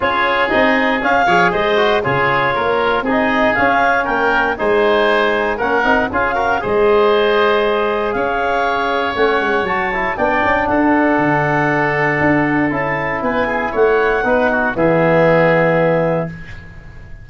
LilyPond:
<<
  \new Staff \with { instrumentName = "clarinet" } { \time 4/4 \tempo 4 = 118 cis''4 dis''4 f''4 dis''4 | cis''2 dis''4 f''4 | g''4 gis''2 fis''4 | f''4 dis''2. |
f''2 fis''4 a''4 | g''4 fis''2.~ | fis''4 a''4 gis''4 fis''4~ | fis''4 e''2. | }
  \new Staff \with { instrumentName = "oboe" } { \time 4/4 gis'2~ gis'8 cis''8 c''4 | gis'4 ais'4 gis'2 | ais'4 c''2 ais'4 | gis'8 ais'8 c''2. |
cis''1 | d''4 a'2.~ | a'2 b'8 gis'8 cis''4 | b'8 fis'8 gis'2. | }
  \new Staff \with { instrumentName = "trombone" } { \time 4/4 f'4 dis'4 cis'8 gis'4 fis'8 | f'2 dis'4 cis'4~ | cis'4 dis'2 cis'8 dis'8 | f'8 fis'8 gis'2.~ |
gis'2 cis'4 fis'8 e'8 | d'1~ | d'4 e'2. | dis'4 b2. | }
  \new Staff \with { instrumentName = "tuba" } { \time 4/4 cis'4 c'4 cis'8 f8 gis4 | cis4 ais4 c'4 cis'4 | ais4 gis2 ais8 c'8 | cis'4 gis2. |
cis'2 a8 gis8 fis4 | b8 cis'8 d'4 d2 | d'4 cis'4 b4 a4 | b4 e2. | }
>>